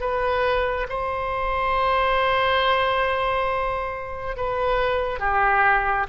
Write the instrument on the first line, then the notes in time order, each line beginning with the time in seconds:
oboe
0.00 B4
0.89 C5
4.37 B4
5.19 G4